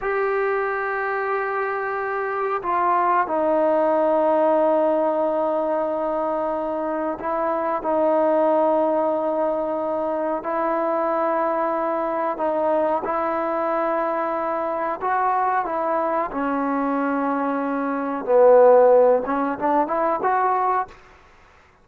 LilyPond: \new Staff \with { instrumentName = "trombone" } { \time 4/4 \tempo 4 = 92 g'1 | f'4 dis'2.~ | dis'2. e'4 | dis'1 |
e'2. dis'4 | e'2. fis'4 | e'4 cis'2. | b4. cis'8 d'8 e'8 fis'4 | }